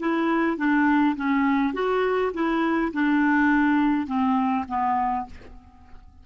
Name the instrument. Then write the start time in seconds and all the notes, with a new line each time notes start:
clarinet
0.00 E4
0.57 D4
1.16 C#4
1.74 F#4
2.34 E4
2.93 D4
4.07 C4
4.68 B3